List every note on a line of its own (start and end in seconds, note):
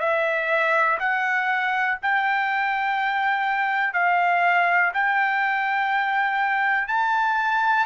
0.00 0.98 E5
1.00 1.98 F#5
2.03 3.94 G5
3.94 4.92 F5
4.94 6.88 G5
6.88 7.86 A5